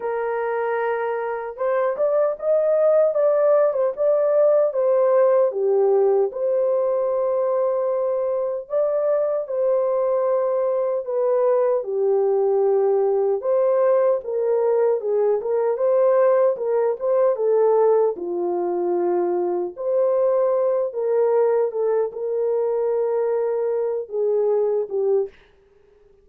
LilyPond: \new Staff \with { instrumentName = "horn" } { \time 4/4 \tempo 4 = 76 ais'2 c''8 d''8 dis''4 | d''8. c''16 d''4 c''4 g'4 | c''2. d''4 | c''2 b'4 g'4~ |
g'4 c''4 ais'4 gis'8 ais'8 | c''4 ais'8 c''8 a'4 f'4~ | f'4 c''4. ais'4 a'8 | ais'2~ ais'8 gis'4 g'8 | }